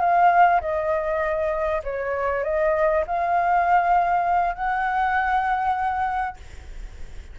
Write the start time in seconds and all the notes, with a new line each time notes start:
0.00 F5
0.61 D#5
1.84 C#5
2.44 D#5
3.07 F5
4.55 F#5